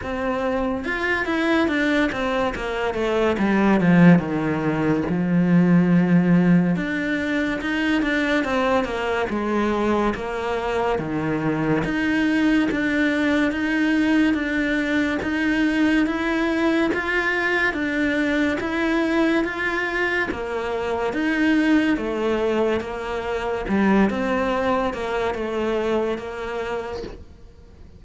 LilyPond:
\new Staff \with { instrumentName = "cello" } { \time 4/4 \tempo 4 = 71 c'4 f'8 e'8 d'8 c'8 ais8 a8 | g8 f8 dis4 f2 | d'4 dis'8 d'8 c'8 ais8 gis4 | ais4 dis4 dis'4 d'4 |
dis'4 d'4 dis'4 e'4 | f'4 d'4 e'4 f'4 | ais4 dis'4 a4 ais4 | g8 c'4 ais8 a4 ais4 | }